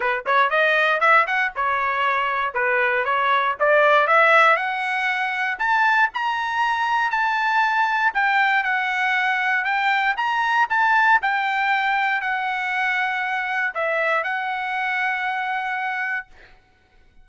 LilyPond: \new Staff \with { instrumentName = "trumpet" } { \time 4/4 \tempo 4 = 118 b'8 cis''8 dis''4 e''8 fis''8 cis''4~ | cis''4 b'4 cis''4 d''4 | e''4 fis''2 a''4 | ais''2 a''2 |
g''4 fis''2 g''4 | ais''4 a''4 g''2 | fis''2. e''4 | fis''1 | }